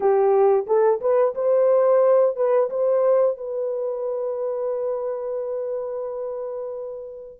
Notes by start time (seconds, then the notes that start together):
0.00 G4
0.66 A4
1.01 B4
1.35 C5
2.36 B4
2.70 C5
3.37 B4